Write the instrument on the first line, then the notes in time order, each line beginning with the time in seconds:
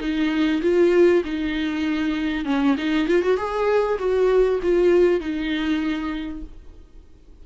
viola
0.00 D#4
0.62 F4
1.24 D#4
2.45 C#4
2.77 D#4
3.08 F4
3.22 F#4
3.37 G#4
3.98 F#4
4.62 F4
5.20 D#4